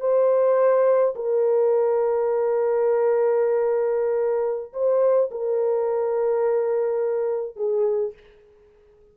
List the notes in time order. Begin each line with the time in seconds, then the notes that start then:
0.00 C5
1.15 A#4
4.73 C5
5.31 A#4
7.56 G#4